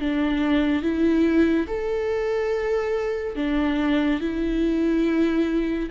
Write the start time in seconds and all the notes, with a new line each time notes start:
0.00 D4
0.83 E4
1.67 A4
3.36 D4
4.21 E4